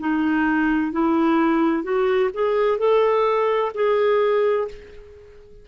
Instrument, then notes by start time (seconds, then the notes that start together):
clarinet
0.00 D#4
0.92 E4
1.83 F#4
2.34 G#4
2.79 A4
3.75 G#4